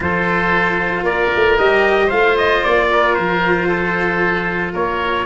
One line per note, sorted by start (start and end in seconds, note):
0.00 1.02 F3
0.00 1.57 F4
0.00 1.04 A4
0.00 1.04 C5
1.02 1.28 A#3
1.02 2.06 A#4
1.02 1.56 D5
1.35 1.58 A3
1.58 2.11 G3
1.58 2.10 G4
1.58 2.10 D#5
2.06 2.64 A3
2.06 5.25 F4
2.06 2.85 C5
2.06 2.36 F5
2.37 2.64 D#5
2.64 3.18 A#3
2.64 3.15 D5
2.91 3.68 A#4
3.15 4.74 F3
3.15 4.72 C5
3.68 4.72 A4
4.72 5.25 A#3
4.72 5.25 A#4
4.72 5.25 C#5